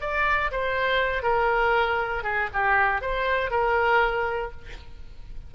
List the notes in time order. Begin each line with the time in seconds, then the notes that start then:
0.00 D5
0.51 C5
1.22 A#4
2.23 G#4
2.53 G4
3.01 C5
3.50 A#4